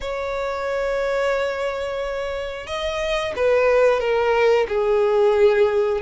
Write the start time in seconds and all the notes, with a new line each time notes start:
0.00 C#5
2.66 D#5
3.36 B4
4.00 A#4
4.68 G#4